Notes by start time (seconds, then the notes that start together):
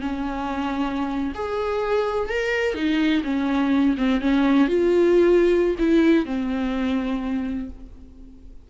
0.00 C#4
1.34 G#4
2.29 A#4
2.74 D#4
3.24 C#4
3.97 C4
4.21 C#4
4.68 F4
5.78 E4
6.25 C4